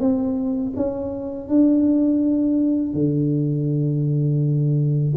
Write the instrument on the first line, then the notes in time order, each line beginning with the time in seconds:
tuba
0.00 C4
0.76 C#4
1.49 D4
2.94 D3